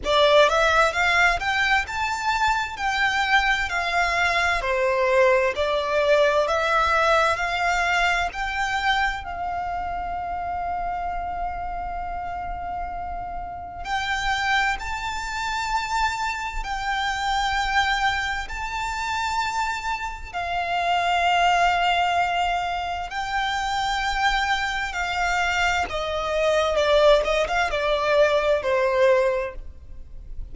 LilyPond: \new Staff \with { instrumentName = "violin" } { \time 4/4 \tempo 4 = 65 d''8 e''8 f''8 g''8 a''4 g''4 | f''4 c''4 d''4 e''4 | f''4 g''4 f''2~ | f''2. g''4 |
a''2 g''2 | a''2 f''2~ | f''4 g''2 f''4 | dis''4 d''8 dis''16 f''16 d''4 c''4 | }